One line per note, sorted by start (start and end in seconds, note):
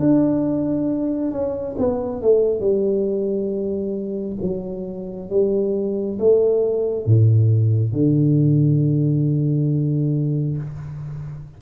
0.00 1.32 D4
1.32 1.76 C#4
1.78 2.22 B3
2.22 2.61 A3
2.61 4.37 G3
4.42 5.30 F#3
5.30 6.18 G3
6.19 7.06 A3
7.06 7.93 A2
7.93 10.58 D3